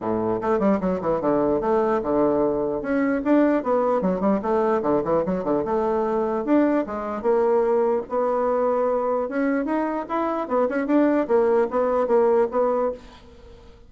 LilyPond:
\new Staff \with { instrumentName = "bassoon" } { \time 4/4 \tempo 4 = 149 a,4 a8 g8 fis8 e8 d4 | a4 d2 cis'4 | d'4 b4 fis8 g8 a4 | d8 e8 fis8 d8 a2 |
d'4 gis4 ais2 | b2. cis'4 | dis'4 e'4 b8 cis'8 d'4 | ais4 b4 ais4 b4 | }